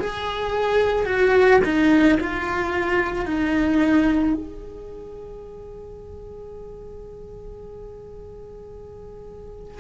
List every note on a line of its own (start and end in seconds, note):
0.00 1.06 G#4
1.06 1.61 F#4
1.64 2.19 D#4
2.21 3.26 F4
3.26 4.35 D#4
4.35 9.80 G#4